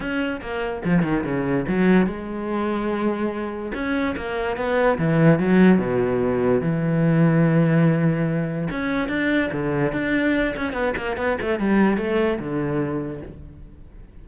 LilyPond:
\new Staff \with { instrumentName = "cello" } { \time 4/4 \tempo 4 = 145 cis'4 ais4 f8 dis8 cis4 | fis4 gis2.~ | gis4 cis'4 ais4 b4 | e4 fis4 b,2 |
e1~ | e4 cis'4 d'4 d4 | d'4. cis'8 b8 ais8 b8 a8 | g4 a4 d2 | }